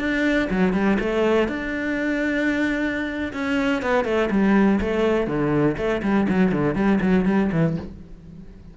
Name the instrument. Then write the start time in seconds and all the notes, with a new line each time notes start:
cello
0.00 D4
0.51 F#3
0.74 G3
1.00 A3
1.49 D4
3.34 C#4
3.82 B3
4.05 A3
4.31 G3
4.81 A3
5.28 D3
5.78 A3
6.03 G3
6.30 F#3
6.52 D3
6.76 G3
7.02 F#3
7.26 G3
7.53 E3